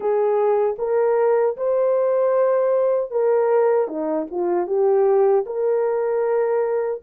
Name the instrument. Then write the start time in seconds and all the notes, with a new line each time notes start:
horn
0.00 G#4
0.78 A#4
1.57 C5
3.10 A#4
3.87 D#4
4.30 F4
4.66 G4
5.45 A#4